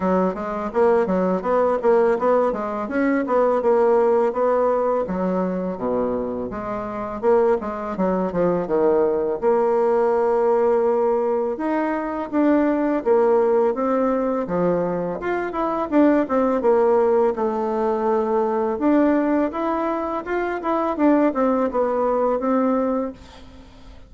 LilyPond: \new Staff \with { instrumentName = "bassoon" } { \time 4/4 \tempo 4 = 83 fis8 gis8 ais8 fis8 b8 ais8 b8 gis8 | cis'8 b8 ais4 b4 fis4 | b,4 gis4 ais8 gis8 fis8 f8 | dis4 ais2. |
dis'4 d'4 ais4 c'4 | f4 f'8 e'8 d'8 c'8 ais4 | a2 d'4 e'4 | f'8 e'8 d'8 c'8 b4 c'4 | }